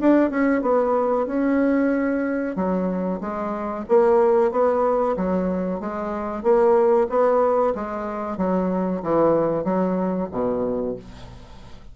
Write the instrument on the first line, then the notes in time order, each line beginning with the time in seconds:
bassoon
0.00 D4
0.30 C#4
0.62 B3
1.26 C#4
2.55 F#3
3.20 G#3
3.88 A#3
4.51 B3
5.16 F#3
5.80 G#3
6.43 A#3
7.09 B3
7.75 G#3
8.37 F#3
9.02 E3
9.64 F#3
10.31 B2